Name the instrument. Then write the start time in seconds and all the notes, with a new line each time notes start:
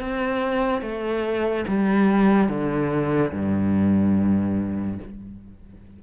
cello
0.00 C4
0.81 A3
1.67 G3
2.48 D3
3.32 G2